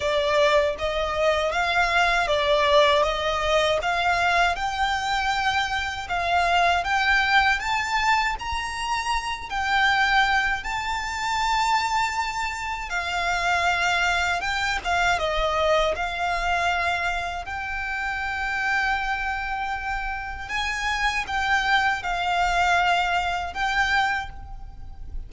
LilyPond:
\new Staff \with { instrumentName = "violin" } { \time 4/4 \tempo 4 = 79 d''4 dis''4 f''4 d''4 | dis''4 f''4 g''2 | f''4 g''4 a''4 ais''4~ | ais''8 g''4. a''2~ |
a''4 f''2 g''8 f''8 | dis''4 f''2 g''4~ | g''2. gis''4 | g''4 f''2 g''4 | }